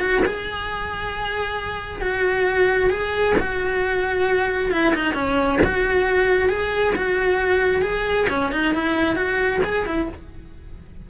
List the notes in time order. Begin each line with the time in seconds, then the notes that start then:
0.00 F#4
0.25 G#4
2.01 F#4
2.89 G#4
3.39 F#4
4.71 E4
4.95 D#4
5.14 C#4
5.63 F#4
6.49 G#4
6.95 F#4
7.81 G#4
8.29 C#4
8.51 D#4
8.74 E4
9.16 F#4
9.63 G#4
9.85 E4